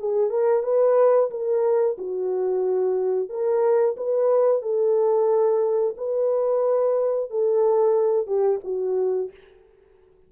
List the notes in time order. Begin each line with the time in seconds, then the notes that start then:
0.00 G#4
0.30 A#4
0.64 B4
1.31 A#4
1.98 F#4
3.29 A#4
3.97 B4
4.62 A4
5.98 B4
7.31 A4
8.27 G4
8.64 F#4